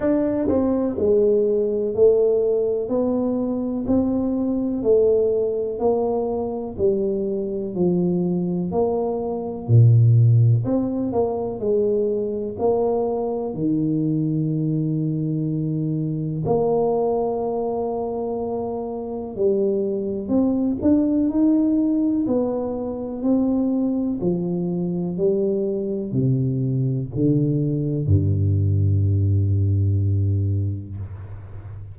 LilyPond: \new Staff \with { instrumentName = "tuba" } { \time 4/4 \tempo 4 = 62 d'8 c'8 gis4 a4 b4 | c'4 a4 ais4 g4 | f4 ais4 ais,4 c'8 ais8 | gis4 ais4 dis2~ |
dis4 ais2. | g4 c'8 d'8 dis'4 b4 | c'4 f4 g4 c4 | d4 g,2. | }